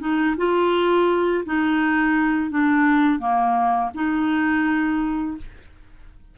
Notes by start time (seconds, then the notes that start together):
0.00 D#4
0.37 F4
1.45 D#4
2.50 D4
3.19 A#3
3.94 D#4